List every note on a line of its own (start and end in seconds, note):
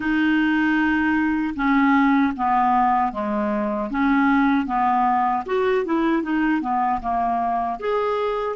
0.00 1.54 D#4
1.55 2.33 C#4
2.36 3.12 B3
3.12 3.90 G#3
3.90 4.65 C#4
4.65 5.43 B3
5.46 5.85 F#4
5.85 6.23 E4
6.23 6.61 D#4
6.61 7.00 B3
7.01 7.79 A#3
7.79 8.56 G#4